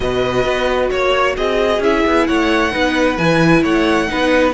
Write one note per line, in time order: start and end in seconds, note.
0.00 0.44 B2
0.00 1.81 F#4
0.00 0.90 B4
0.00 0.90 D#5
0.44 0.89 B3
0.90 1.37 A#3
0.90 1.35 C#5
0.90 1.36 C#5
1.37 1.79 C4
1.37 2.27 G#4
1.37 1.82 D#5
1.79 2.02 C#4
1.79 2.71 E4
1.79 2.26 E5
2.06 2.29 B3
2.26 2.75 A3
2.26 2.72 C#5
2.26 3.17 F#5
2.71 3.17 B3
2.71 3.16 D#4
2.71 3.62 B4
3.17 3.63 E3
3.17 4.07 E4
3.17 3.62 G#5
3.62 4.09 A3
3.62 4.07 C#5
3.62 4.53 F#5
4.07 4.53 B3
4.07 4.53 D#4
4.07 4.53 B4